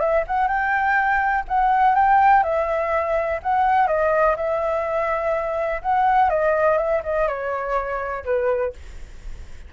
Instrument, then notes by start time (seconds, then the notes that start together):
flute
0.00 E5
0.27 F#5
0.48 G5
1.48 F#5
1.95 G5
2.43 E5
3.43 F#5
3.87 D#5
4.37 E5
5.82 F#5
6.30 D#5
6.78 E5
7.03 D#5
7.28 C#5
8.25 B4